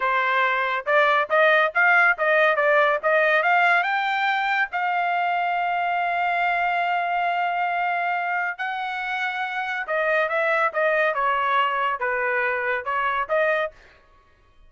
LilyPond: \new Staff \with { instrumentName = "trumpet" } { \time 4/4 \tempo 4 = 140 c''2 d''4 dis''4 | f''4 dis''4 d''4 dis''4 | f''4 g''2 f''4~ | f''1~ |
f''1 | fis''2. dis''4 | e''4 dis''4 cis''2 | b'2 cis''4 dis''4 | }